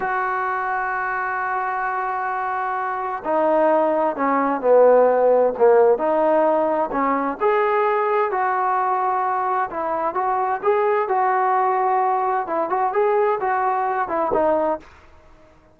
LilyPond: \new Staff \with { instrumentName = "trombone" } { \time 4/4 \tempo 4 = 130 fis'1~ | fis'2. dis'4~ | dis'4 cis'4 b2 | ais4 dis'2 cis'4 |
gis'2 fis'2~ | fis'4 e'4 fis'4 gis'4 | fis'2. e'8 fis'8 | gis'4 fis'4. e'8 dis'4 | }